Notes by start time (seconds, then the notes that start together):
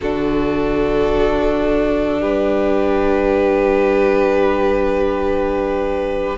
0.00 D3 D4 F#4 A4
2.20 G3 G4 B4